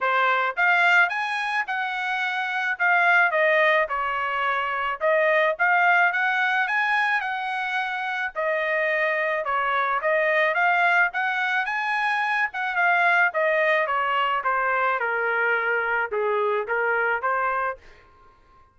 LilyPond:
\new Staff \with { instrumentName = "trumpet" } { \time 4/4 \tempo 4 = 108 c''4 f''4 gis''4 fis''4~ | fis''4 f''4 dis''4 cis''4~ | cis''4 dis''4 f''4 fis''4 | gis''4 fis''2 dis''4~ |
dis''4 cis''4 dis''4 f''4 | fis''4 gis''4. fis''8 f''4 | dis''4 cis''4 c''4 ais'4~ | ais'4 gis'4 ais'4 c''4 | }